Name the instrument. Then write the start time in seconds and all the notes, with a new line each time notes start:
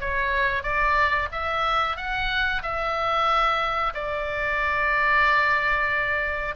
oboe
0.00 C#5
0.63 D5
1.32 E5
1.97 F#5
2.62 E5
3.94 D5